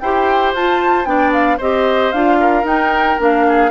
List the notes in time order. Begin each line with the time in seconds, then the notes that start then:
0.00 E4 G4 C5 G5
0.54 F4 A5
1.05 B3 D4 D5 G5
1.33 F5
1.58 C4 G4 C5 D#5
2.12 D4 F4 F5
2.40 A#4
2.64 D#4 G5
3.18 A#3 D4 F5
3.48 G#4